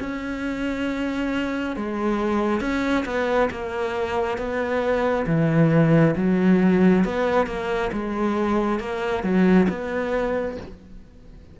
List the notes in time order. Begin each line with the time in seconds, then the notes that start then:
0.00 C#4
1.76 G#3
2.60 C#4
3.05 B3
3.51 A#3
4.38 B3
5.27 E3
6.16 F#3
7.04 B3
7.46 A#3
7.93 G#3
8.79 A#3
9.23 F#3
9.69 B3